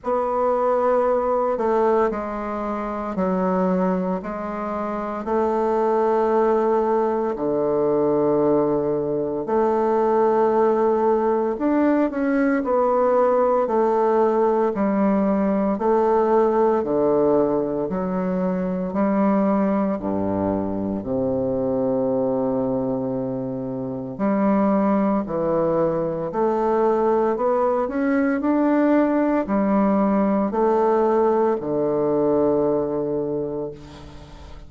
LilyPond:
\new Staff \with { instrumentName = "bassoon" } { \time 4/4 \tempo 4 = 57 b4. a8 gis4 fis4 | gis4 a2 d4~ | d4 a2 d'8 cis'8 | b4 a4 g4 a4 |
d4 fis4 g4 g,4 | c2. g4 | e4 a4 b8 cis'8 d'4 | g4 a4 d2 | }